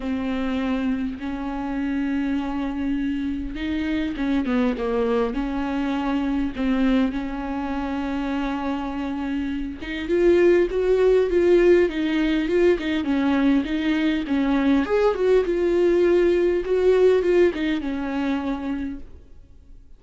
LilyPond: \new Staff \with { instrumentName = "viola" } { \time 4/4 \tempo 4 = 101 c'2 cis'2~ | cis'2 dis'4 cis'8 b8 | ais4 cis'2 c'4 | cis'1~ |
cis'8 dis'8 f'4 fis'4 f'4 | dis'4 f'8 dis'8 cis'4 dis'4 | cis'4 gis'8 fis'8 f'2 | fis'4 f'8 dis'8 cis'2 | }